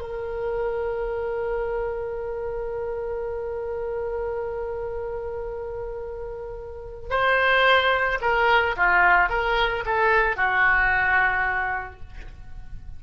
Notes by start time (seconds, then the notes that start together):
0.00 A#4
7.10 C5
8.21 A#4
8.76 F4
9.29 A#4
9.86 A4
10.36 F#4